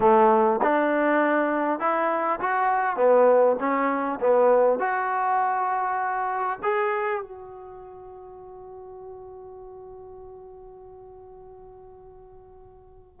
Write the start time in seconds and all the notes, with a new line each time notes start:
0.00 A3
0.62 D4
1.79 E4
2.40 F#4
2.96 B3
3.59 C#4
4.20 B3
4.79 F#4
6.62 G#4
7.22 F#4